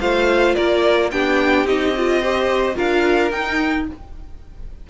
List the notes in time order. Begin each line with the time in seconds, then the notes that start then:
0.00 A3 F4 C5 F5
0.55 A#3 A#4 D5
1.11 B3 D4 G4 G5
1.64 C4 D#4 D#5
1.97 F4
2.21 G4 C5
2.75 D4 F4 A#4 F5
3.31 D#4 G5